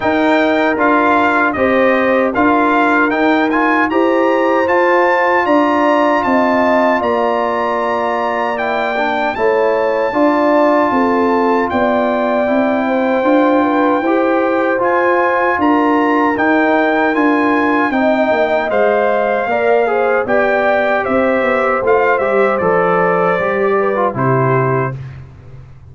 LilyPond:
<<
  \new Staff \with { instrumentName = "trumpet" } { \time 4/4 \tempo 4 = 77 g''4 f''4 dis''4 f''4 | g''8 gis''8 ais''4 a''4 ais''4 | a''4 ais''2 g''4 | a''2. g''4~ |
g''2. gis''4 | ais''4 g''4 gis''4 g''4 | f''2 g''4 e''4 | f''8 e''8 d''2 c''4 | }
  \new Staff \with { instrumentName = "horn" } { \time 4/4 ais'2 c''4 ais'4~ | ais'4 c''2 d''4 | dis''4 d''2. | cis''4 d''4 a'4 d''4~ |
d''8 c''4 b'8 c''2 | ais'2. dis''4~ | dis''4 d''8 c''8 d''4 c''4~ | c''2~ c''8 b'8 g'4 | }
  \new Staff \with { instrumentName = "trombone" } { \time 4/4 dis'4 f'4 g'4 f'4 | dis'8 f'8 g'4 f'2~ | f'2. e'8 d'8 | e'4 f'2. |
e'4 f'4 g'4 f'4~ | f'4 dis'4 f'4 dis'4 | c''4 ais'8 gis'8 g'2 | f'8 g'8 a'4 g'8. f'16 e'4 | }
  \new Staff \with { instrumentName = "tuba" } { \time 4/4 dis'4 d'4 c'4 d'4 | dis'4 e'4 f'4 d'4 | c'4 ais2. | a4 d'4 c'4 b4 |
c'4 d'4 e'4 f'4 | d'4 dis'4 d'4 c'8 ais8 | gis4 ais4 b4 c'8 b8 | a8 g8 f4 g4 c4 | }
>>